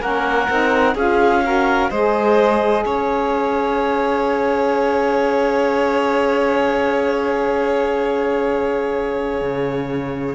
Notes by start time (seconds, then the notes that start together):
0.00 A#3 C#4 A#4 F#5
0.49 C4 D#4
0.94 C#4 F4 G#4 F5
1.43 F#4 A#4
1.90 G#3 G#4 C5 D#5
2.84 C#4 C#5 F5
9.41 C#3